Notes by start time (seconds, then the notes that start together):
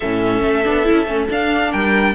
0.00 A2 C#4 A4 E5
0.43 A3
0.65 B3 D4
0.84 E4
0.91 C#4
1.06 A3 C#4
1.29 D4 F5
1.70 G3 A#4 G5